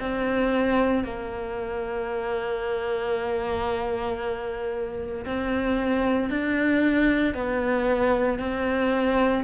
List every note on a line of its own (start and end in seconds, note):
0.00 1.04 C4
1.04 5.25 A#3
5.25 6.30 C4
6.30 7.34 D4
7.34 8.39 B3
8.39 9.44 C4